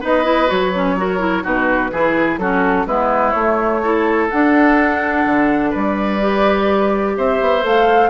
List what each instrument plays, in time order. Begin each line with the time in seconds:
0.00 bassoon B3, clarinet D#4, oboe B4, flute D#5
0.24 clarinet E4
0.47 bassoon F#3, clarinet F#4, flute C#5
0.75 clarinet C#4
0.97 clarinet F#4, oboe A#4
1.19 clarinet E4
1.42 bassoon B2, clarinet D#4, oboe F#4, flute B4
1.91 bassoon E3, clarinet E4, oboe G#4
2.37 bassoon F#3, clarinet C#4, oboe F#4, flute A4
2.86 bassoon G#3, clarinet B3, oboe E4, flute B4
3.31 bassoon A3, clarinet A3, flute C#5
3.82 clarinet E4, oboe A4
4.30 clarinet D4, bassoon D4, flute F#5
5.25 bassoon D3
5.70 bassoon G3, oboe B4, flute D5
6.20 clarinet G4
7.17 bassoon C4, oboe C5, flute E5
7.41 bassoon B3
7.62 bassoon A3, clarinet A4, flute F5